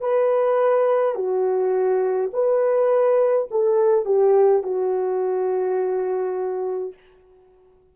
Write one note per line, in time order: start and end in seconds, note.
0.00 1.15 B4
1.15 2.30 F#4
2.33 3.48 B4
3.50 4.05 A4
4.05 4.63 G4
4.63 6.93 F#4